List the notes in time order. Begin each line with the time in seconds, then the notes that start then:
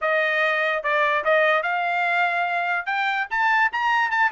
0.01 D#5
0.83 D5
1.24 D#5
1.62 F5
2.86 G5
3.30 A5
3.72 A#5
4.10 A5